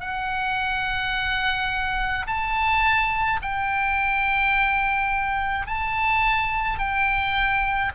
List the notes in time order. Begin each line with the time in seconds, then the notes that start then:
0.00 F#5
2.27 A5
3.42 G5
5.67 A5
6.79 G5